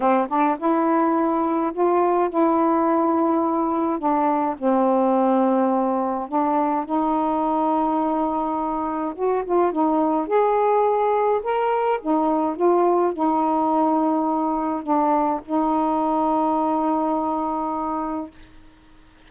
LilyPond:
\new Staff \with { instrumentName = "saxophone" } { \time 4/4 \tempo 4 = 105 c'8 d'8 e'2 f'4 | e'2. d'4 | c'2. d'4 | dis'1 |
fis'8 f'8 dis'4 gis'2 | ais'4 dis'4 f'4 dis'4~ | dis'2 d'4 dis'4~ | dis'1 | }